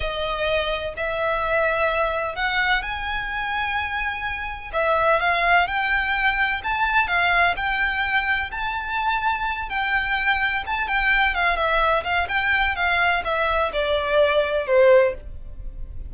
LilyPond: \new Staff \with { instrumentName = "violin" } { \time 4/4 \tempo 4 = 127 dis''2 e''2~ | e''4 fis''4 gis''2~ | gis''2 e''4 f''4 | g''2 a''4 f''4 |
g''2 a''2~ | a''8 g''2 a''8 g''4 | f''8 e''4 f''8 g''4 f''4 | e''4 d''2 c''4 | }